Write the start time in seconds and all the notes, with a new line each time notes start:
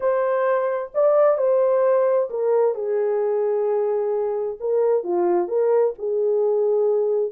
0.00 C5
0.94 D5
1.37 C5
2.30 A#4
2.75 G#4
4.60 A#4
5.03 F4
5.48 A#4
5.98 G#4